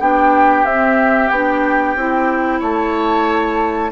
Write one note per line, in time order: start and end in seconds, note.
0.00 0.65 B3
0.00 0.66 D4
0.00 2.60 G4
0.00 0.66 G5
0.65 1.30 C4
0.65 1.32 C4
0.65 1.29 E5
1.29 1.96 B3
1.29 1.97 D4
1.29 2.60 G5
1.96 2.61 C4
1.96 3.92 E4
2.60 3.92 A3
2.60 3.91 C#5
2.60 3.92 A5